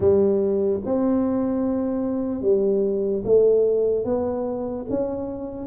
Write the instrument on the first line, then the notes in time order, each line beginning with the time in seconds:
tuba
0.00 G3
0.85 C4
2.41 G3
3.24 A3
4.04 B3
4.89 C#4